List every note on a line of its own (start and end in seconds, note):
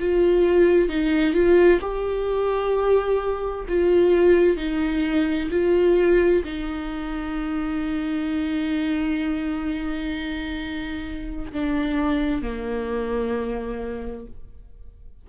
0.00 0.89 F4
0.89 1.34 D#4
1.34 1.80 F4
1.82 3.66 G4
3.69 4.57 F4
4.57 5.49 D#4
5.51 6.44 F4
6.44 11.52 D#4
11.53 12.42 D4
12.42 14.27 A#3